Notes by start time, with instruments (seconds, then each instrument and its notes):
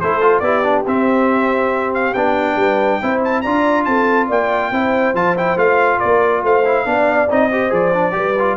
0.00 tuba A3, trombone E4, horn A4, trumpet C5
0.21 trombone F4
0.39 tuba B3, trombone E4, horn G4, trumpet D5
0.63 trombone D4
0.86 tuba C4, trombone C4, trumpet E5
1.94 trumpet F5
2.13 tuba B3, trombone D4, trumpet G5
2.56 tuba G3, horn B4
3.02 tuba C4, trombone E4, horn C5
3.24 trumpet A5
3.41 tuba D4, trombone F4, horn D5, trumpet A#5
3.84 tuba C4, horn A4, trumpet A5
4.27 tuba A#3, horn D5, trumpet G5
4.71 tuba C4, trombone E4, horn C5
5.13 tuba F3, trombone F4, trumpet A5
5.36 trombone E4, trumpet G5
5.56 tuba A3, trombone F4, trumpet F5
5.99 tuba A#3, horn A#4, trumpet D5
6.43 tuba A3, horn C5, trumpet F5
6.65 trombone E4
6.85 tuba B3, trombone D4, horn D5
7.29 tuba C4, trombone D#4, trumpet D#5
7.50 trombone G4, horn C5
7.69 tuba F3, trombone G#4, trumpet D5
7.93 trombone D4
8.12 tuba G3, trombone G4, horn B4
8.39 trombone F4